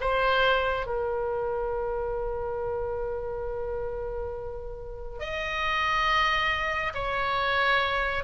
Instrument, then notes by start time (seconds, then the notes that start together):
oboe
0.00 C5
0.86 A#4
5.19 D#5
6.94 C#5